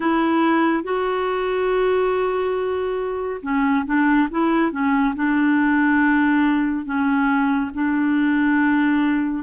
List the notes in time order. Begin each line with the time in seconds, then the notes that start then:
0.00 E4
0.83 F#4
3.42 C#4
3.85 D4
4.31 E4
4.71 C#4
5.15 D4
6.85 C#4
7.74 D4